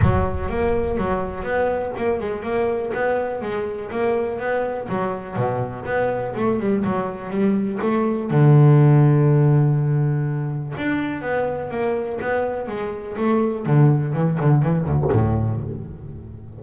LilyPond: \new Staff \with { instrumentName = "double bass" } { \time 4/4 \tempo 4 = 123 fis4 ais4 fis4 b4 | ais8 gis8 ais4 b4 gis4 | ais4 b4 fis4 b,4 | b4 a8 g8 fis4 g4 |
a4 d2.~ | d2 d'4 b4 | ais4 b4 gis4 a4 | d4 e8 d8 e8 d,8 a,4 | }